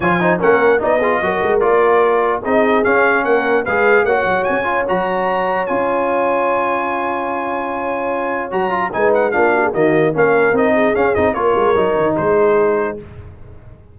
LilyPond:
<<
  \new Staff \with { instrumentName = "trumpet" } { \time 4/4 \tempo 4 = 148 gis''4 fis''4 dis''2 | d''2 dis''4 f''4 | fis''4 f''4 fis''4 gis''4 | ais''2 gis''2~ |
gis''1~ | gis''4 ais''4 gis''8 fis''8 f''4 | dis''4 f''4 dis''4 f''8 dis''8 | cis''2 c''2 | }
  \new Staff \with { instrumentName = "horn" } { \time 4/4 cis''8 c''8 ais'4 d''8 gis'8 ais'4~ | ais'2 gis'2 | ais'4 b'4 cis''2~ | cis''1~ |
cis''1~ | cis''2 b'4 f'8 fis'16 gis'16 | fis'4 ais'4. gis'4. | ais'2 gis'2 | }
  \new Staff \with { instrumentName = "trombone" } { \time 4/4 f'8 dis'8 cis'4 dis'8 f'8 fis'4 | f'2 dis'4 cis'4~ | cis'4 gis'4 fis'4. f'8 | fis'2 f'2~ |
f'1~ | f'4 fis'8 f'8 dis'4 d'4 | ais4 cis'4 dis'4 cis'8 dis'8 | f'4 dis'2. | }
  \new Staff \with { instrumentName = "tuba" } { \time 4/4 f4 ais4 b4 fis8 gis8 | ais2 c'4 cis'4 | ais4 gis4 ais8 fis8 cis'4 | fis2 cis'2~ |
cis'1~ | cis'4 fis4 gis4 ais4 | dis4 ais4 c'4 cis'8 c'8 | ais8 gis8 fis8 dis8 gis2 | }
>>